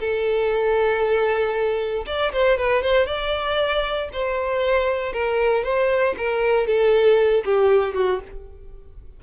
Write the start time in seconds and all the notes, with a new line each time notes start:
0.00 A4
2.06 D5
2.32 C5
2.58 B4
2.82 C5
3.06 D5
4.12 C5
5.13 A#4
5.64 C5
6.17 A#4
6.67 A4
7.45 G4
7.94 F#4